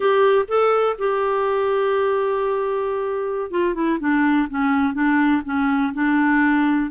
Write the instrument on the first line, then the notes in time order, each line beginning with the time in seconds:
clarinet
0.00 G4
0.48 A4
0.98 G4
3.50 F4
3.74 E4
3.99 D4
4.49 C#4
4.93 D4
5.45 C#4
5.93 D4